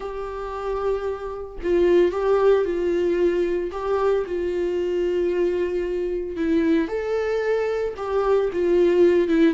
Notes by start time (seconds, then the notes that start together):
0.00 G4
1.63 F4
2.11 G4
2.64 F4
3.71 G4
4.26 F4
6.36 E4
6.88 A4
7.96 G4
8.52 F4
9.28 E4